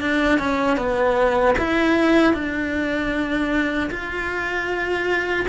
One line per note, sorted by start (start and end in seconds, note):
0.00 0.39 D4
0.39 0.77 C#4
0.77 1.55 B3
1.58 2.33 E4
2.33 3.89 D4
3.90 5.46 F4